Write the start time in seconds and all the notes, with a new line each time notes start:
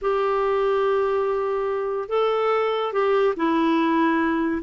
0.01 G4
2.08 A4
2.92 G4
3.36 E4